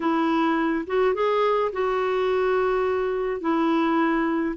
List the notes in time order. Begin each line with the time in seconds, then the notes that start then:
0.00 E4
0.86 F#4
1.14 G#4
1.72 F#4
3.41 E4